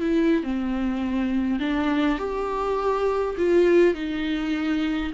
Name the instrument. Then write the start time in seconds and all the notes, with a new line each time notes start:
viola
0.00 E4
0.43 C4
1.60 D4
2.18 G4
3.37 F4
3.94 D#4